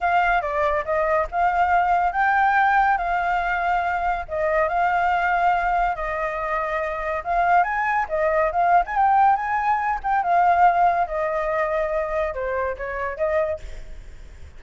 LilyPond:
\new Staff \with { instrumentName = "flute" } { \time 4/4 \tempo 4 = 141 f''4 d''4 dis''4 f''4~ | f''4 g''2 f''4~ | f''2 dis''4 f''4~ | f''2 dis''2~ |
dis''4 f''4 gis''4 dis''4 | f''8. gis''16 g''4 gis''4. g''8 | f''2 dis''2~ | dis''4 c''4 cis''4 dis''4 | }